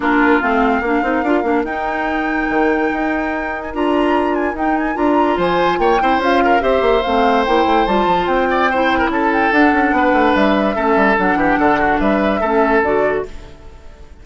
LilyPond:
<<
  \new Staff \with { instrumentName = "flute" } { \time 4/4 \tempo 4 = 145 ais'4 f''2. | g''1~ | g''8. gis''16 ais''4. gis''8 g''8 gis''8 | ais''4 gis''4 g''4 f''4 |
e''4 f''4 g''4 a''4 | g''2 a''8 g''8 fis''4~ | fis''4 e''2 fis''4~ | fis''4 e''2 d''4 | }
  \new Staff \with { instrumentName = "oboe" } { \time 4/4 f'2 ais'2~ | ais'1~ | ais'1~ | ais'4 c''4 cis''8 c''4 ais'8 |
c''1~ | c''8 d''8 c''8. ais'16 a'2 | b'2 a'4. g'8 | a'8 fis'8 b'4 a'2 | }
  \new Staff \with { instrumentName = "clarinet" } { \time 4/4 d'4 c'4 d'8 dis'8 f'8 d'8 | dis'1~ | dis'4 f'2 dis'4 | f'2~ f'8 e'8 f'4 |
g'4 c'4 e'4 f'4~ | f'4 e'2 d'4~ | d'2 cis'4 d'4~ | d'2 cis'4 fis'4 | }
  \new Staff \with { instrumentName = "bassoon" } { \time 4/4 ais4 a4 ais8 c'8 d'8 ais8 | dis'2 dis4 dis'4~ | dis'4 d'2 dis'4 | d'4 f4 ais8 c'8 cis'4 |
c'8 ais8 a4 ais8 a8 g8 f8 | c'2 cis'4 d'8 cis'8 | b8 a8 g4 a8 g8 fis8 e8 | d4 g4 a4 d4 | }
>>